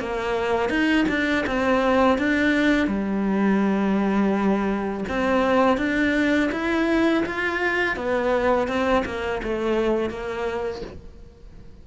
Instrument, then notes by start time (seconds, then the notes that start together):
cello
0.00 A#3
0.70 D#4
1.09 D4
1.47 C4
2.19 D4
2.88 G3
5.09 C4
5.78 D4
6.52 E4
7.26 F4
7.97 B3
8.68 C4
9.06 A#3
9.43 A3
10.10 A#3